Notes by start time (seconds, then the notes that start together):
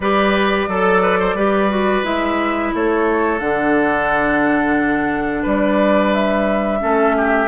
0.00 G3 G4 B4 D5
0.67 F#3 A4
1.01 B4
1.19 C5
1.34 G3 G4 B4
1.69 F#4
2.03 G#3 E4 E5
2.74 A3 A4 C#5
3.39 D3 D4 F#5
5.42 G3 B4 D5
6.14 E5
6.80 A3 C#4 A4
7.16 G4